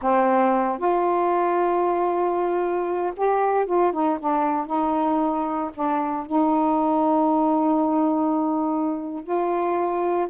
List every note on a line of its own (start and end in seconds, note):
0.01 0.78 C4
0.78 3.13 F4
3.16 3.66 G4
3.66 3.92 F4
3.92 4.18 D#4
4.19 4.66 D4
4.66 5.71 D#4
5.74 6.26 D4
6.26 9.23 D#4
9.23 10.28 F4